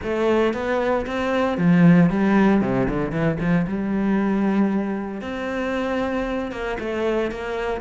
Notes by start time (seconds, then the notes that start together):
0.03 A3
0.53 B3
1.06 C4
1.57 F3
2.10 G3
2.61 C3
2.89 D3
3.11 E3
3.39 F3
3.67 G3
5.21 C4
6.51 A#3
6.79 A3
7.31 A#3